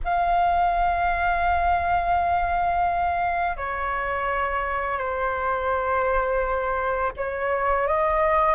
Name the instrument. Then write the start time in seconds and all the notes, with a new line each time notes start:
flute
0.04 F5
3.56 C#5
4.97 C5
7.16 C#5
7.87 D#5